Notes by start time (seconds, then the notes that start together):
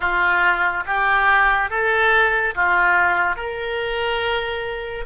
0.00 F4
0.86 G4
1.69 A4
2.54 F4
3.36 A#4